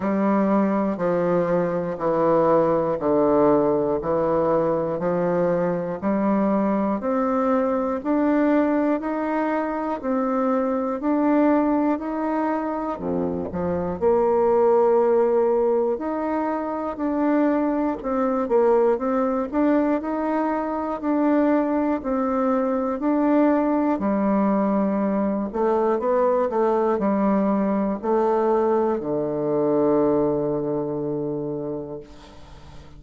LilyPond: \new Staff \with { instrumentName = "bassoon" } { \time 4/4 \tempo 4 = 60 g4 f4 e4 d4 | e4 f4 g4 c'4 | d'4 dis'4 c'4 d'4 | dis'4 f,8 f8 ais2 |
dis'4 d'4 c'8 ais8 c'8 d'8 | dis'4 d'4 c'4 d'4 | g4. a8 b8 a8 g4 | a4 d2. | }